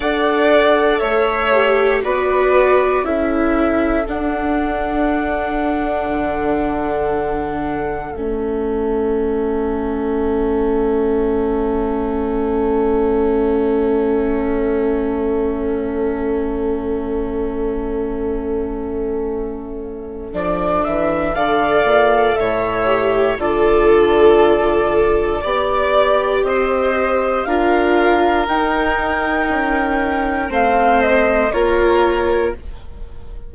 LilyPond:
<<
  \new Staff \with { instrumentName = "flute" } { \time 4/4 \tempo 4 = 59 fis''4 e''4 d''4 e''4 | fis''1 | e''1~ | e''1~ |
e''1 | d''8 e''8 f''4 e''4 d''4~ | d''2 dis''4 f''4 | g''2 f''8 dis''8 cis''4 | }
  \new Staff \with { instrumentName = "violin" } { \time 4/4 d''4 cis''4 b'4 a'4~ | a'1~ | a'1~ | a'1~ |
a'1~ | a'4 d''4 cis''4 a'4~ | a'4 d''4 c''4 ais'4~ | ais'2 c''4 ais'4 | }
  \new Staff \with { instrumentName = "viola" } { \time 4/4 a'4. g'8 fis'4 e'4 | d'1 | cis'1~ | cis'1~ |
cis'1 | d'4 a'4. g'8 f'4~ | f'4 g'2 f'4 | dis'2 c'4 f'4 | }
  \new Staff \with { instrumentName = "bassoon" } { \time 4/4 d'4 a4 b4 cis'4 | d'2 d2 | a1~ | a1~ |
a1 | f8 e8 d8 ais,8 a,4 d4~ | d4 b4 c'4 d'4 | dis'4 cis'4 a4 ais4 | }
>>